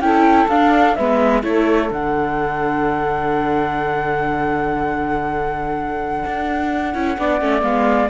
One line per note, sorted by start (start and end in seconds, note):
0.00 0.47 C#4
0.00 0.49 E4
0.00 0.97 A4
0.00 0.48 G5
0.48 0.95 D4
0.48 0.99 D4
0.48 0.95 F5
0.95 1.43 G#3
0.95 1.43 B3
0.95 1.43 B4
0.95 1.42 E5
1.43 1.90 A3
1.43 1.90 E4
1.43 7.18 A4
1.43 1.91 C#5
1.90 6.24 D3
1.90 6.94 D4
1.90 7.63 F#5
6.25 6.94 D4
6.94 7.18 C#4
6.94 7.17 E4
7.18 7.41 B3
7.18 7.41 D4
7.18 8.10 D5
7.41 7.63 A3
7.41 7.61 C#4
7.61 8.10 G#3
7.61 8.08 B3
7.61 8.10 F5